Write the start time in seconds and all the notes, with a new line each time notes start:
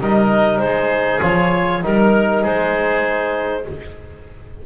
0.00 G3 D#4 A#4 D#5
0.59 G#3 C5
0.65 G#4
1.21 F3 F4 C#5
1.82 G3 D#4 A#4
2.42 G#3 G#4 C5